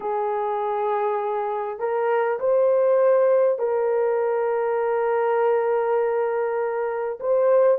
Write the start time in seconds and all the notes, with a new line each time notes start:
0.00 G#4
1.79 A#4
2.39 C5
3.58 A#4
7.19 C5